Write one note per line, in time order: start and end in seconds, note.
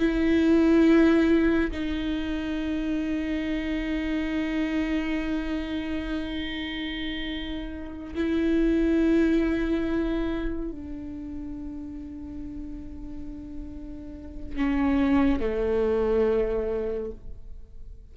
0.00 1.71 E4
1.72 8.15 D#4
8.15 10.72 E4
10.72 14.57 D4
14.57 15.41 C#4
15.41 17.12 A3